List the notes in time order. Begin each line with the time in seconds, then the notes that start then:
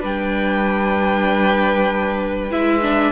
0.00 G3 D4 B4 G5
2.50 G#3 E4 E5
2.81 D4